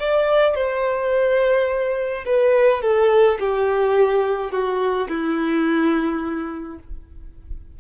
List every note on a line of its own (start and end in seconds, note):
0.00 0.55 D5
0.55 2.25 C5
2.25 2.82 B4
2.82 3.39 A4
3.40 4.52 G4
4.52 5.08 F#4
5.09 6.79 E4